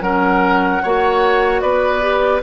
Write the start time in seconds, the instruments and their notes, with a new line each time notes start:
0.00 bassoon F#3, clarinet C#4, oboe A#4, flute F#5
0.82 bassoon A#3, clarinet F#4, oboe C#5
1.61 bassoon B3, oboe B4, flute D5
2.01 clarinet G4